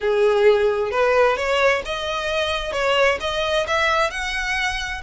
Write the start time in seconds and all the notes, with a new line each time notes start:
0.00 G#4
0.91 B4
1.36 C#5
1.85 D#5
2.72 C#5
3.20 D#5
3.67 E5
4.10 F#5